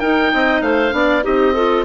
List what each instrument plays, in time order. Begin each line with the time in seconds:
0.00 clarinet D#4 A#4, bassoon D#4, oboe G5
0.33 bassoon C4, clarinet D#5
0.61 bassoon A3, clarinet C5, oboe F5
0.90 bassoon B3, clarinet D4 D5
1.21 bassoon C4, clarinet D#4 G4, oboe D#5
1.54 clarinet F4 A4